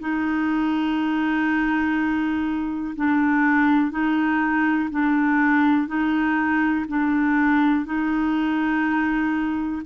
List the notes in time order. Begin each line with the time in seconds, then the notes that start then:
0.00 D#4
2.96 D4
3.91 D#4
4.90 D4
5.87 D#4
6.88 D4
7.85 D#4